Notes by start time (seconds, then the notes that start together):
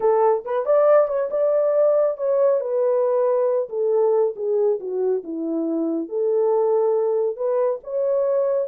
0.00 A4
0.44 B4
0.65 D5
1.07 C#5
1.30 D5
2.17 C#5
2.60 B4
3.69 A4
4.36 G#4
4.79 F#4
5.23 E4
6.08 A4
7.36 B4
7.83 C#5